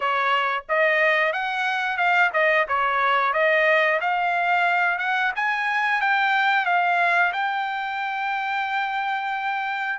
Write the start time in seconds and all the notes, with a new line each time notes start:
0.00 C#5
0.68 D#5
1.32 F#5
1.97 F5
2.33 D#5
2.68 C#5
3.33 D#5
4.01 F5
4.98 F#5
5.35 G#5
6.01 G5
6.65 F5
7.32 G5